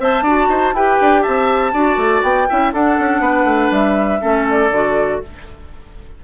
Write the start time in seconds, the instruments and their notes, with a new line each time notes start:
0.00 bassoon C4, clarinet C5, oboe E5, flute A5
0.22 bassoon D4, clarinet F#4, oboe D5
0.49 bassoon D#4, oboe C5
0.74 bassoon E4, clarinet G4, oboe B4, flute G5
1.01 bassoon D4
1.22 bassoon C4, oboe E5, flute A5
1.73 bassoon D4, clarinet F#4, oboe D5
1.98 bassoon A3
2.23 bassoon B3, flute G5
2.49 bassoon C#4, clarinet E4, oboe E5
2.73 bassoon D4, clarinet D4, oboe A4, flute F#5
3.00 bassoon C#4
3.20 bassoon B3, oboe B4
3.44 bassoon A3
3.71 bassoon G3, flute E5
4.20 bassoon A3, clarinet C#4, oboe A4
4.50 flute D5
4.71 bassoon D3, clarinet F#4